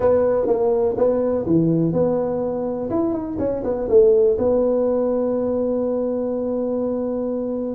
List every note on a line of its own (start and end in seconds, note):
0.00 0.46 B3
0.46 0.95 A#3
0.97 1.45 B3
1.46 1.92 E3
1.92 2.89 B3
2.89 3.13 E4
3.13 3.37 D#4
3.38 3.63 C#4
3.63 3.88 B3
3.88 4.37 A3
4.38 7.74 B3